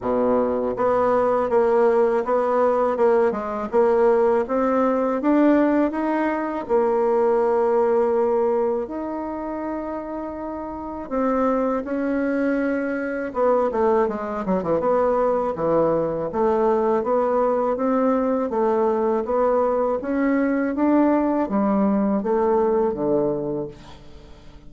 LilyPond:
\new Staff \with { instrumentName = "bassoon" } { \time 4/4 \tempo 4 = 81 b,4 b4 ais4 b4 | ais8 gis8 ais4 c'4 d'4 | dis'4 ais2. | dis'2. c'4 |
cis'2 b8 a8 gis8 fis16 e16 | b4 e4 a4 b4 | c'4 a4 b4 cis'4 | d'4 g4 a4 d4 | }